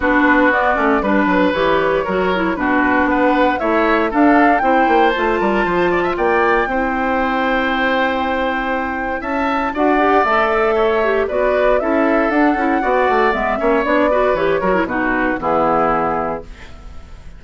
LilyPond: <<
  \new Staff \with { instrumentName = "flute" } { \time 4/4 \tempo 4 = 117 b'4 d''4 b'4 cis''4~ | cis''4 b'4 fis''4 e''4 | f''4 g''4 a''2 | g''1~ |
g''2 a''4 fis''4 | e''2 d''4 e''4 | fis''2 e''4 d''4 | cis''4 b'4 gis'2 | }
  \new Staff \with { instrumentName = "oboe" } { \time 4/4 fis'2 b'2 | ais'4 fis'4 b'4 cis''4 | a'4 c''4. ais'8 c''8 d''16 e''16 | d''4 c''2.~ |
c''2 e''4 d''4~ | d''4 cis''4 b'4 a'4~ | a'4 d''4. cis''4 b'8~ | b'8 ais'8 fis'4 e'2 | }
  \new Staff \with { instrumentName = "clarinet" } { \time 4/4 d'4 b8 cis'8 d'4 g'4 | fis'8 e'8 d'2 e'4 | d'4 e'4 f'2~ | f'4 e'2.~ |
e'2. fis'8 g'8 | a'4. g'8 fis'4 e'4 | d'8 e'8 fis'4 b8 cis'8 d'8 fis'8 | g'8 fis'16 e'16 dis'4 b2 | }
  \new Staff \with { instrumentName = "bassoon" } { \time 4/4 b4. a8 g8 fis8 e4 | fis4 b,4 b4 a4 | d'4 c'8 ais8 a8 g8 f4 | ais4 c'2.~ |
c'2 cis'4 d'4 | a2 b4 cis'4 | d'8 cis'8 b8 a8 gis8 ais8 b4 | e8 fis8 b,4 e2 | }
>>